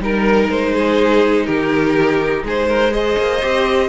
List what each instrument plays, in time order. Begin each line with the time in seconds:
0.00 cello G3, viola D#4, violin A#4
0.50 cello G#3, violin C5
0.75 violin G#4
1.46 cello D#3, violin G4 A#4
2.44 cello G#3, violin G#4 C5
2.69 violin A#4
2.91 viola G#4, violin C5 D#5
3.18 cello A#3
3.42 cello C4, viola G4